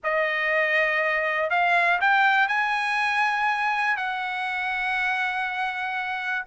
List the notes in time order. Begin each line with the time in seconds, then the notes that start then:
0.03 D#5
1.50 F5
2.01 G5
2.48 G#5
3.96 F#5